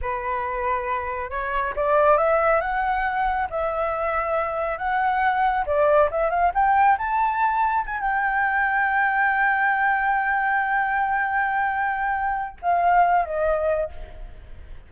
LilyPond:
\new Staff \with { instrumentName = "flute" } { \time 4/4 \tempo 4 = 138 b'2. cis''4 | d''4 e''4 fis''2 | e''2. fis''4~ | fis''4 d''4 e''8 f''8 g''4 |
a''2 gis''8 g''4.~ | g''1~ | g''1~ | g''4 f''4. dis''4. | }